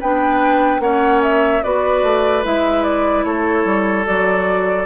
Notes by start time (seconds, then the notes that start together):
0.00 B3 D4 B4 G5
0.79 A#3 C#4 C#5 F#5
1.23 E5
1.63 B3 F#4 B4 D5
2.03 A3
2.44 G#3 E4 E5
2.84 D5
3.24 A3 A4 C#5
3.65 G3
4.05 F#3 F#4 D5